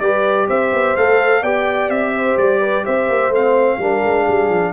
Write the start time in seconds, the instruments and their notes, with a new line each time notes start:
0.00 tuba G3, trombone G4, horn B4, trumpet D5
0.49 tuba C4, horn C5, trumpet E5
0.73 tuba B3
0.97 tuba A3, trombone A4, trumpet F5
1.42 tuba B3, trombone G4, horn D5, trumpet G5
1.89 tuba C4, trumpet E5
2.16 horn C5
2.37 tuba G3, trumpet D5
2.61 horn B4
2.85 tuba C4, horn C5, trumpet E5
3.10 tuba A#3
3.30 tuba A3, trombone C4, trumpet F5
3.78 tuba G3, trombone D4, horn A#4
4.04 tuba G#3
4.25 tuba G3, horn G#4
4.50 tuba F3